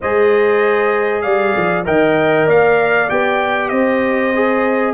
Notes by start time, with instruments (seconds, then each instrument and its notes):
0.00 tuba G#3, trombone G#4, horn C5, trumpet D#5
1.21 tuba G3, horn D5, trumpet F5
1.56 tuba F3
1.84 tuba D#3, trombone A#4, horn D#5, trumpet G5
2.46 tuba A#3, horn D5, trumpet F5
3.08 tuba B3, trombone G4, trumpet G5
3.68 tuba C4, horn C5, trumpet D#5
4.35 trombone G#4